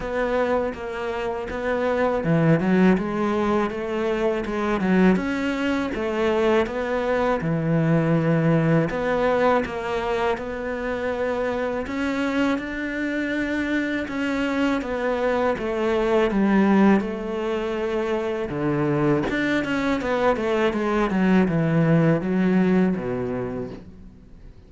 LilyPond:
\new Staff \with { instrumentName = "cello" } { \time 4/4 \tempo 4 = 81 b4 ais4 b4 e8 fis8 | gis4 a4 gis8 fis8 cis'4 | a4 b4 e2 | b4 ais4 b2 |
cis'4 d'2 cis'4 | b4 a4 g4 a4~ | a4 d4 d'8 cis'8 b8 a8 | gis8 fis8 e4 fis4 b,4 | }